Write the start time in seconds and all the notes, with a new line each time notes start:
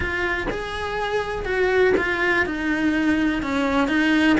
0.00 F4
0.50 G#4
1.45 F#4
1.97 F4
2.45 D#4
3.42 C#4
3.88 D#4